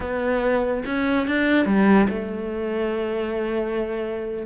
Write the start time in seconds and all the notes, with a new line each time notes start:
0.00 B3
0.85 C#4
1.27 D4
1.65 G3
2.09 A3